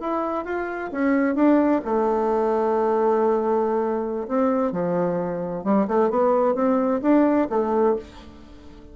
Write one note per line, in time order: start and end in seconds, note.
0.00 0.45 E4
0.45 0.91 F4
0.92 1.35 C#4
1.35 1.81 D4
1.85 4.27 A3
4.28 4.72 C4
4.72 5.64 F3
5.64 5.87 G3
5.87 6.10 A3
6.10 6.55 B3
6.55 7.01 C4
7.02 7.48 D4
7.50 7.96 A3